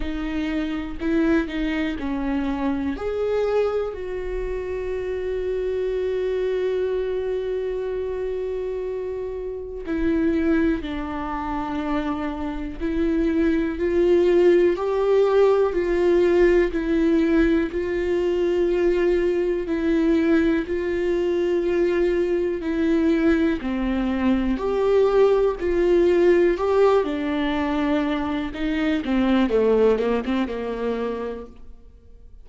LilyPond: \new Staff \with { instrumentName = "viola" } { \time 4/4 \tempo 4 = 61 dis'4 e'8 dis'8 cis'4 gis'4 | fis'1~ | fis'2 e'4 d'4~ | d'4 e'4 f'4 g'4 |
f'4 e'4 f'2 | e'4 f'2 e'4 | c'4 g'4 f'4 g'8 d'8~ | d'4 dis'8 c'8 a8 ais16 c'16 ais4 | }